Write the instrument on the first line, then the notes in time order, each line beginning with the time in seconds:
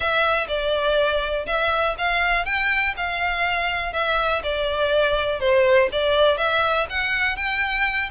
violin
0.00 E5
0.47 D5
1.46 E5
1.98 F5
2.45 G5
2.96 F5
3.92 E5
4.43 D5
5.40 C5
5.92 D5
6.37 E5
6.89 F#5
7.36 G5